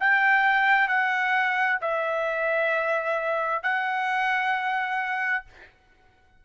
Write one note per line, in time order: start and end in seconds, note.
0.00 0.88 G5
0.88 1.79 F#5
1.81 3.63 E5
3.63 5.45 F#5